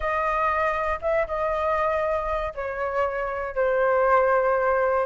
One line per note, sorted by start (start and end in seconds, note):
0.00 0.99 D#5
1.01 1.26 E5
1.27 2.53 D#5
2.55 3.55 C#5
3.55 5.06 C5